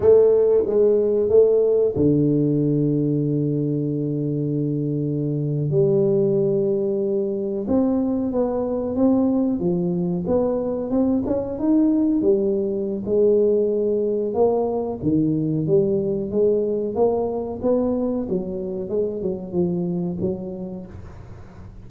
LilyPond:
\new Staff \with { instrumentName = "tuba" } { \time 4/4 \tempo 4 = 92 a4 gis4 a4 d4~ | d1~ | d8. g2. c'16~ | c'8. b4 c'4 f4 b16~ |
b8. c'8 cis'8 dis'4 g4~ g16 | gis2 ais4 dis4 | g4 gis4 ais4 b4 | fis4 gis8 fis8 f4 fis4 | }